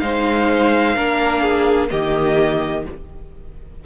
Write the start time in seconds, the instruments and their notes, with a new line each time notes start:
0.00 cello G#3, viola D#4, violin C5 F5
0.96 cello A#3, viola D4, violin A#4
1.42 violin G#4
1.90 cello D#3, viola A#3, violin G4 D#5